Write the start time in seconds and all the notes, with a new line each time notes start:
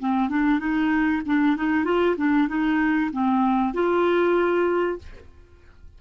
0.00 C4
0.30 D4
0.60 D#4
1.26 D4
1.57 D#4
1.85 F4
2.17 D4
2.49 D#4
3.12 C4
3.74 F4